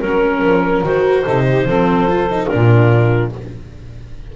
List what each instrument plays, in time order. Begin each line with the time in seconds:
0.00 double bass F#3, viola C#4, clarinet A#4, saxophone A#4
0.42 double bass F3
0.83 double bass D#3, viola F#4, clarinet C5
1.22 double bass C3, viola D#4, saxophone A4
1.46 saxophone G4
1.65 double bass F3, viola C4, saxophone A4
2.09 viola F4
2.30 viola D#4
2.47 viola D4, saxophone F4, clarinet A#4
2.54 double bass A#2